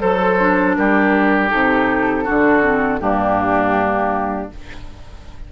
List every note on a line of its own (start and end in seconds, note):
0.00 0.78 F#3
0.00 0.38 A4
0.00 0.76 A4
0.00 0.76 C5
0.40 1.50 D4
0.76 1.53 G3
0.76 2.25 G4
0.76 1.50 A#4
1.50 2.28 C3
1.50 2.25 D#4
1.50 3.00 A4
2.25 3.01 D3
2.25 2.62 D4
2.25 3.00 F#4
2.62 3.00 C4
3.00 4.51 G2
3.00 4.50 A#3
3.00 4.52 D4
3.00 4.50 G4